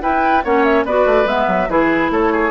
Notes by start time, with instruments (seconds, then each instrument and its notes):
0.00 clarinet E4, bassoon E4, oboe B4, flute G5
0.44 bassoon A#3, clarinet C#4, oboe C#5, flute F#5
0.64 flute E5
0.85 bassoon B3, clarinet F#4, oboe B4, flute D5
1.05 bassoon A3
1.24 bassoon G#3, clarinet B3, flute E5
1.47 bassoon F#3
1.69 bassoon E3, clarinet E4, oboe G#4, flute B4
2.10 bassoon A3, oboe A4, flute C#5
2.32 oboe G#4